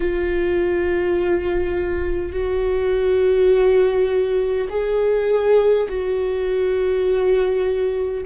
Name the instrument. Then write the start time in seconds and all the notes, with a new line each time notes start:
viola
0.00 F4
2.32 F#4
4.70 G#4
5.88 F#4